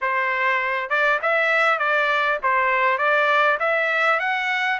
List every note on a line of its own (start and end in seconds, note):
0.01 0.89 C5
0.89 1.19 D5
1.22 1.78 E5
1.78 2.38 D5
2.42 2.98 C5
2.98 3.58 D5
3.59 4.19 E5
4.19 4.79 F#5